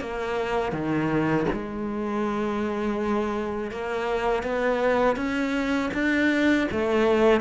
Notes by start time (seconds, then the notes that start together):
0.00 A#3
0.72 D#3
1.52 G#3
3.71 A#3
4.43 B3
5.16 C#4
5.94 D4
6.71 A3